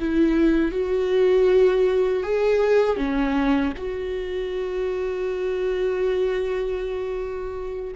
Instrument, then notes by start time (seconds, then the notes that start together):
viola
0.00 E4
0.72 F#4
2.23 G#4
2.97 C#4
3.77 F#4